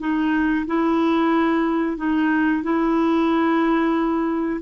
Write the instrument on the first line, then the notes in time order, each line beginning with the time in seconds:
clarinet
0.00 D#4
0.67 E4
1.97 D#4
2.63 E4